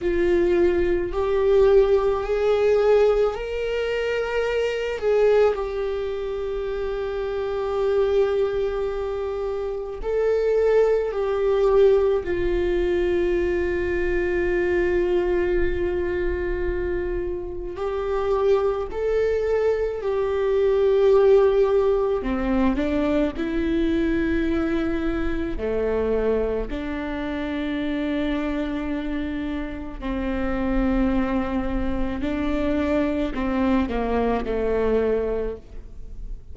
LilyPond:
\new Staff \with { instrumentName = "viola" } { \time 4/4 \tempo 4 = 54 f'4 g'4 gis'4 ais'4~ | ais'8 gis'8 g'2.~ | g'4 a'4 g'4 f'4~ | f'1 |
g'4 a'4 g'2 | c'8 d'8 e'2 a4 | d'2. c'4~ | c'4 d'4 c'8 ais8 a4 | }